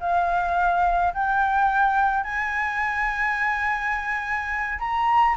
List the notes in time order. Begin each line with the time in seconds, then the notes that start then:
0.00 F5
1.13 G5
2.24 G#5
4.79 A#5